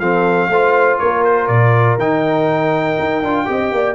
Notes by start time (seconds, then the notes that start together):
0.00 F3 C4 A4 F5
0.49 A3 F4 C5
0.99 A#3 A#4 C#5
1.25 C5
1.47 A#2 D5
1.98 D#3 D#4 G5
3.00 D#4
3.23 D4 F4
3.45 C4 G4 D#5
3.72 A#3 D5